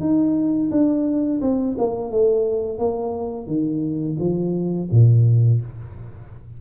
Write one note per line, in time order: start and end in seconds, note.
0.00 0.70 D#4
0.70 1.40 D4
1.41 1.76 C4
1.78 2.11 A#3
2.11 2.78 A3
2.78 3.46 A#3
3.46 4.16 D#3
4.19 4.89 F3
4.91 5.61 A#2